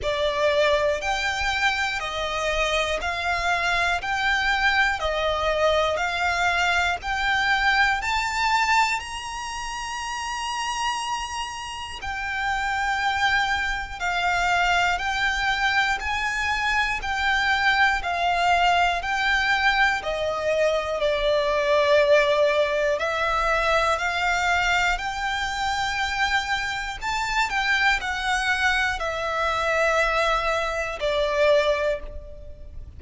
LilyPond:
\new Staff \with { instrumentName = "violin" } { \time 4/4 \tempo 4 = 60 d''4 g''4 dis''4 f''4 | g''4 dis''4 f''4 g''4 | a''4 ais''2. | g''2 f''4 g''4 |
gis''4 g''4 f''4 g''4 | dis''4 d''2 e''4 | f''4 g''2 a''8 g''8 | fis''4 e''2 d''4 | }